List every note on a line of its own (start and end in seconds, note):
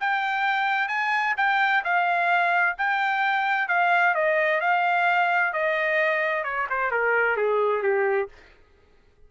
0.00 0.88 G5
0.88 1.34 G#5
1.37 1.83 G5
1.84 2.76 F5
2.78 3.68 G5
3.68 4.14 F5
4.14 4.60 D#5
4.60 5.53 F5
5.53 6.44 D#5
6.44 6.67 C#5
6.70 6.91 C5
6.91 7.37 A#4
7.37 7.82 G#4
7.82 8.28 G4